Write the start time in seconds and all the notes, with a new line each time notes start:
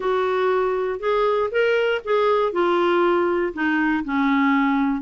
0.00 F#4
0.99 G#4
1.51 A#4
2.04 G#4
2.52 F4
3.53 D#4
4.04 C#4